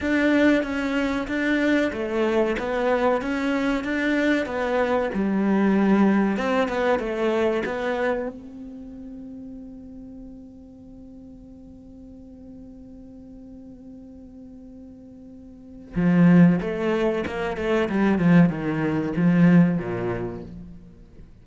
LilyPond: \new Staff \with { instrumentName = "cello" } { \time 4/4 \tempo 4 = 94 d'4 cis'4 d'4 a4 | b4 cis'4 d'4 b4 | g2 c'8 b8 a4 | b4 c'2.~ |
c'1~ | c'1~ | c'4 f4 a4 ais8 a8 | g8 f8 dis4 f4 ais,4 | }